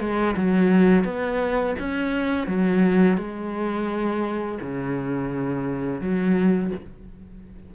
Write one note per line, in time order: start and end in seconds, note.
0.00 0.35 G#3
0.36 1.05 F#3
1.05 1.75 B3
1.79 2.47 C#4
2.47 3.17 F#3
3.17 4.58 G#3
4.62 6.01 C#3
6.01 6.71 F#3